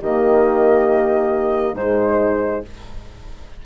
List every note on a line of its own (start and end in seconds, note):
0.00 1.73 D#3
0.00 1.77 A#3
0.00 1.76 G4
0.00 1.76 D#5
1.73 2.61 G#2
1.73 2.65 G#3
1.73 2.66 D#4
1.73 2.64 C5